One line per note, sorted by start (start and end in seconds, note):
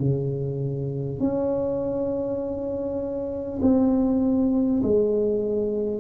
0.00 1.20 C#3
1.20 3.60 C#4
3.62 4.82 C4
4.83 6.01 G#3